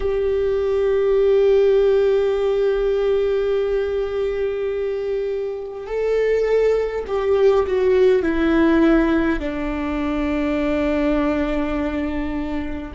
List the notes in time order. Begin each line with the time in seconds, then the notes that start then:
0.00 G4
5.87 A4
7.07 G4
7.66 F#4
8.22 E4
9.39 D4